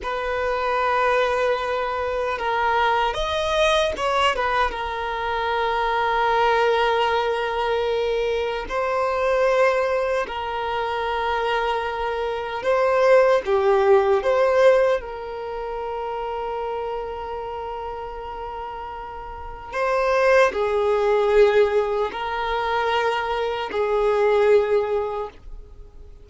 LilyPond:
\new Staff \with { instrumentName = "violin" } { \time 4/4 \tempo 4 = 76 b'2. ais'4 | dis''4 cis''8 b'8 ais'2~ | ais'2. c''4~ | c''4 ais'2. |
c''4 g'4 c''4 ais'4~ | ais'1~ | ais'4 c''4 gis'2 | ais'2 gis'2 | }